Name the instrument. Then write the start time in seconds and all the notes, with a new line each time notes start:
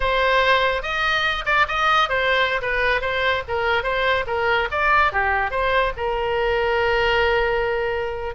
oboe
0.00 C5
0.82 D#5
1.45 D5
1.68 D#5
2.09 C5
2.61 B4
3.01 C5
3.48 A#4
3.83 C5
4.26 A#4
4.71 D5
5.12 G4
5.50 C5
5.96 A#4